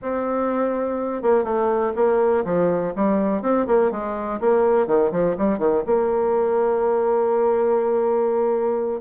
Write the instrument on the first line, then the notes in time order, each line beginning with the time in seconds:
bassoon
0.02 C4
1.22 A#3
1.44 A3
1.95 A#3
2.44 F3
2.95 G3
3.42 C4
3.66 A#3
3.91 G#3
4.40 A#3
4.86 D#3
5.11 F3
5.37 G3
5.58 D#3
5.86 A#3